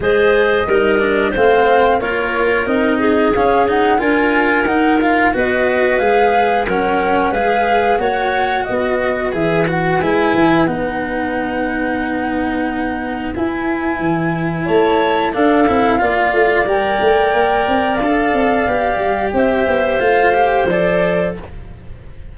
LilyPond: <<
  \new Staff \with { instrumentName = "flute" } { \time 4/4 \tempo 4 = 90 dis''2 f''4 cis''4 | dis''4 f''8 fis''8 gis''4 fis''8 f''8 | dis''4 f''4 fis''4 f''4 | fis''4 dis''4 e''8 fis''8 gis''4 |
fis''1 | gis''2 a''4 f''4~ | f''4 g''2 f''4~ | f''4 e''4 f''4 d''4 | }
  \new Staff \with { instrumentName = "clarinet" } { \time 4/4 c''4 ais'4 c''4 ais'4~ | ais'8 gis'4. ais'2 | b'2 ais'4 b'4 | cis''4 b'2.~ |
b'1~ | b'2 cis''4 a'4 | d''1~ | d''4 c''2. | }
  \new Staff \with { instrumentName = "cello" } { \time 4/4 gis'4 dis'8 d'8 c'4 f'4 | dis'4 cis'8 dis'8 f'4 dis'8 f'8 | fis'4 gis'4 cis'4 gis'4 | fis'2 gis'8 fis'8 e'4 |
dis'1 | e'2. d'8 e'8 | f'4 ais'2 a'4 | g'2 f'8 g'8 a'4 | }
  \new Staff \with { instrumentName = "tuba" } { \time 4/4 gis4 g4 a4 ais4 | c'4 cis'4 d'4 dis'4 | b4 gis4 fis4 gis4 | ais4 b4 e4 gis8 e8 |
b1 | e'4 e4 a4 d'8 c'8 | ais8 a8 g8 a8 ais8 c'8 d'8 c'8 | b8 g8 c'8 b8 a4 f4 | }
>>